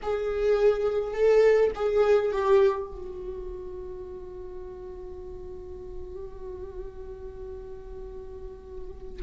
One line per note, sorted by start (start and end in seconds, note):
0.02 1.13 G#4
1.13 1.71 A4
1.75 2.32 G#4
2.32 2.87 G4
2.87 9.22 F#4